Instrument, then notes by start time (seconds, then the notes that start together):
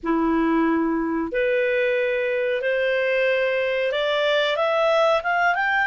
clarinet
0.03 E4
1.32 B4
2.61 C5
3.92 D5
4.56 E5
5.23 F5
5.54 G5